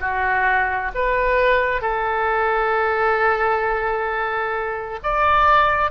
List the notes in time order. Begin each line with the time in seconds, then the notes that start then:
0.00 F#4
0.94 B4
1.81 A4
5.03 D5